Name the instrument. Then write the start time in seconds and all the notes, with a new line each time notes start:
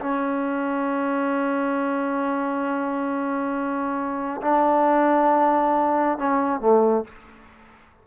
trombone
0.00 C#4
4.42 D4
6.18 C#4
6.60 A3